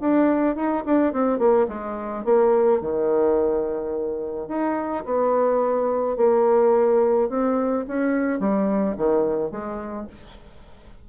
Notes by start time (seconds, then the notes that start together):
0.00 D4
0.55 D#4
0.85 D4
1.13 C4
1.39 A#3
1.68 G#3
2.24 A#3
2.80 D#3
4.48 D#4
5.05 B3
6.17 A#3
7.29 C4
7.87 C#4
8.39 G3
8.97 D#3
9.51 G#3